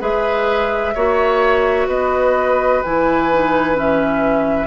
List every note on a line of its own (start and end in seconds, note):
0.00 0.95 G#3
0.00 0.94 G#4
0.00 0.94 B4
0.00 1.89 E5
0.94 1.87 A#3
0.94 2.83 F#4
0.94 1.88 C#5
1.87 2.81 B3
1.87 4.67 B4
1.87 2.83 D#5
2.83 4.67 E3
2.83 3.31 E4
2.83 3.77 G#5
3.33 3.75 D#4
3.75 4.67 C#4
3.75 4.67 E5